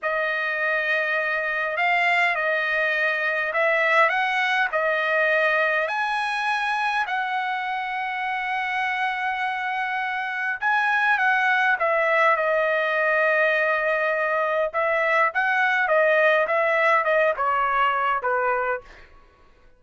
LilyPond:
\new Staff \with { instrumentName = "trumpet" } { \time 4/4 \tempo 4 = 102 dis''2. f''4 | dis''2 e''4 fis''4 | dis''2 gis''2 | fis''1~ |
fis''2 gis''4 fis''4 | e''4 dis''2.~ | dis''4 e''4 fis''4 dis''4 | e''4 dis''8 cis''4. b'4 | }